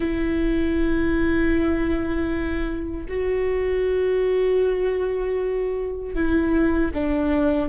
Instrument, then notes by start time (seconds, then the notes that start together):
viola
0.00 E4
3.08 F#4
6.14 E4
6.94 D4